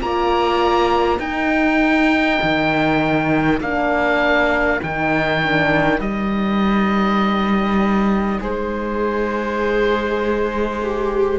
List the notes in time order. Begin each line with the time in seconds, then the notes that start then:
0.00 A#3 F4 D5 A#5
1.19 D#4 A#4 G5
2.42 D#3
3.60 A#3 D4 F5
4.83 D#3 D#4 G5
5.42 D4
5.99 G3 D#4 D#5
8.39 G#3 G#4 C5
10.81 G4